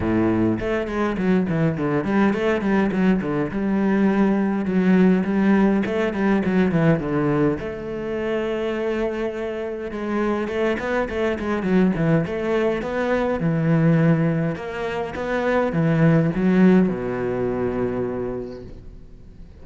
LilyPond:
\new Staff \with { instrumentName = "cello" } { \time 4/4 \tempo 4 = 103 a,4 a8 gis8 fis8 e8 d8 g8 | a8 g8 fis8 d8 g2 | fis4 g4 a8 g8 fis8 e8 | d4 a2.~ |
a4 gis4 a8 b8 a8 gis8 | fis8 e8 a4 b4 e4~ | e4 ais4 b4 e4 | fis4 b,2. | }